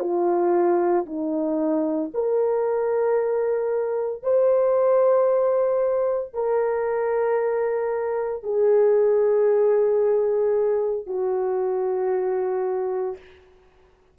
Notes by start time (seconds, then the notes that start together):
0.00 F4
1.06 D#4
2.14 A#4
4.23 C5
6.33 A#4
8.43 G#4
11.06 F#4